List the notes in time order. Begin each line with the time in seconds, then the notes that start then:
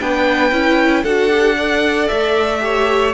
0.00 B3 D4 B4 G5
0.51 C#4 E4
1.03 D4 F#4 A4 F#5
1.30 G4
1.56 A4 D5
2.08 A3 E5
2.60 G4 C#5